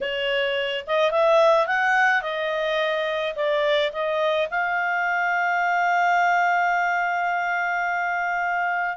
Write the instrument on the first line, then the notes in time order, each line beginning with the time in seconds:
clarinet
0.01 C#5
0.86 D#5
1.11 E5
1.66 F#5
2.22 D#5
3.35 D5
3.92 D#5
4.50 F5